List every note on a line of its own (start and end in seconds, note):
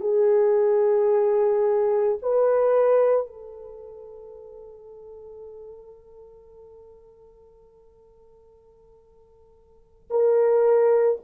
0.00 2.18 G#4
2.22 3.26 B4
3.26 10.08 A4
10.10 11.19 A#4